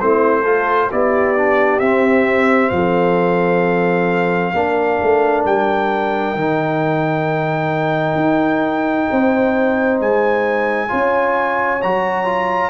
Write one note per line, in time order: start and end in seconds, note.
0.00 0.91 A3
0.00 0.45 C4
0.00 0.42 E4
0.00 0.91 C5
0.42 0.90 F4
0.42 0.87 A4
0.91 1.80 B3
0.91 1.36 E4
0.91 2.74 G4
0.91 1.80 D5
1.36 1.81 D4
1.80 2.71 C4
1.80 4.54 C4
1.80 2.70 E5
2.70 4.53 F3
2.70 4.54 A4
2.70 5.43 F5
4.54 4.99 A#3
4.54 6.36 D4
4.54 9.09 A#4
5.02 5.45 A3
5.45 6.35 G3
5.45 10.00 G5
6.35 8.15 D#3
6.35 10.88 D#4
8.15 9.06 D#4
9.11 10.00 C4
9.11 10.90 C5
10.00 10.91 G#3
10.00 11.82 G#5
10.88 11.84 C#4
10.88 11.79 F4
10.88 12.70 C#5
11.82 12.70 F#3
11.82 12.25 F#4
11.82 12.70 A#5
12.25 12.70 F4